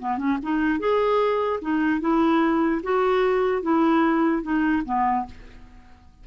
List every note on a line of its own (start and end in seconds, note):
0.00 0.18 B3
0.18 0.38 C#4
0.43 0.80 D#4
0.80 1.60 G#4
1.62 2.01 D#4
2.01 2.82 E4
2.83 3.63 F#4
3.63 4.43 E4
4.43 4.83 D#4
4.86 5.26 B3